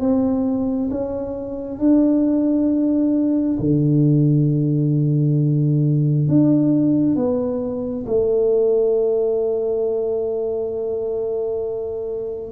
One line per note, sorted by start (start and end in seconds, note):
0.00 0.90 C4
0.90 1.79 C#4
1.79 3.58 D4
3.59 6.28 D3
6.28 7.16 D4
7.16 8.06 B3
8.07 12.52 A3